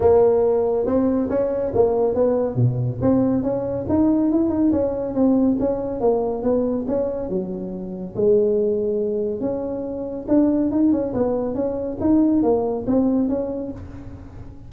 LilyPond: \new Staff \with { instrumentName = "tuba" } { \time 4/4 \tempo 4 = 140 ais2 c'4 cis'4 | ais4 b4 b,4 c'4 | cis'4 dis'4 e'8 dis'8 cis'4 | c'4 cis'4 ais4 b4 |
cis'4 fis2 gis4~ | gis2 cis'2 | d'4 dis'8 cis'8 b4 cis'4 | dis'4 ais4 c'4 cis'4 | }